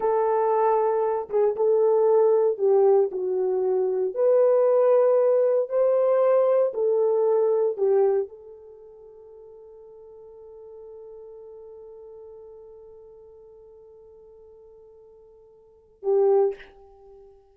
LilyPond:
\new Staff \with { instrumentName = "horn" } { \time 4/4 \tempo 4 = 116 a'2~ a'8 gis'8 a'4~ | a'4 g'4 fis'2 | b'2. c''4~ | c''4 a'2 g'4 |
a'1~ | a'1~ | a'1~ | a'2. g'4 | }